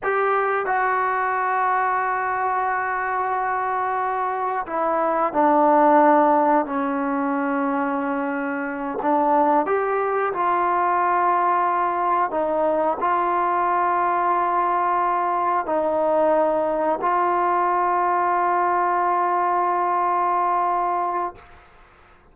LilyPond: \new Staff \with { instrumentName = "trombone" } { \time 4/4 \tempo 4 = 90 g'4 fis'2.~ | fis'2. e'4 | d'2 cis'2~ | cis'4. d'4 g'4 f'8~ |
f'2~ f'8 dis'4 f'8~ | f'2.~ f'8 dis'8~ | dis'4. f'2~ f'8~ | f'1 | }